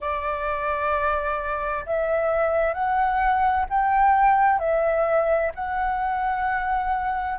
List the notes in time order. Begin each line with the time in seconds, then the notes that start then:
0.00 D5
1.85 E5
2.73 F#5
3.69 G5
4.59 E5
5.54 F#5